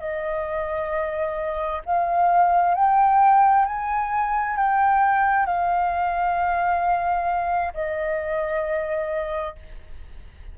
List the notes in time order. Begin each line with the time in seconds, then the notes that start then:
0.00 D#5
1.86 F5
2.75 G5
3.66 G#5
4.57 G5
5.46 F5
7.74 D#5